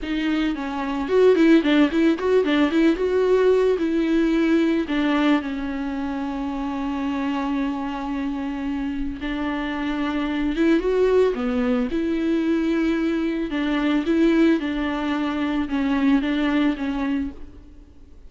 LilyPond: \new Staff \with { instrumentName = "viola" } { \time 4/4 \tempo 4 = 111 dis'4 cis'4 fis'8 e'8 d'8 e'8 | fis'8 d'8 e'8 fis'4. e'4~ | e'4 d'4 cis'2~ | cis'1~ |
cis'4 d'2~ d'8 e'8 | fis'4 b4 e'2~ | e'4 d'4 e'4 d'4~ | d'4 cis'4 d'4 cis'4 | }